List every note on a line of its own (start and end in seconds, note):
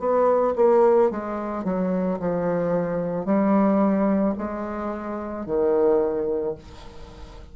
0.00 0.55 B3
0.56 1.11 A#3
1.11 1.64 G#3
1.64 2.19 F#3
2.20 3.25 F3
3.25 4.34 G3
4.38 5.46 G#3
5.46 6.55 D#3